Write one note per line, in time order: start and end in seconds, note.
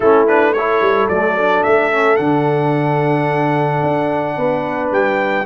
0.00 0.80 A3
0.00 0.27 C#4
0.00 0.53 E4
0.00 0.26 A4
0.27 0.55 D4
0.27 0.53 B4
0.53 1.10 E4
0.53 4.36 A4
0.53 1.07 C#5
0.80 1.08 G3
1.08 1.63 F#3
1.08 1.38 A3
1.08 1.63 D5
1.38 1.91 D4
1.63 2.18 A3
1.63 2.16 E5
1.91 2.17 C#4
2.16 3.82 D3
2.16 5.44 D4
2.16 4.89 F#5
3.82 4.37 D4
4.36 4.91 B3
4.36 5.45 B4
4.91 5.45 G3
4.91 5.45 G5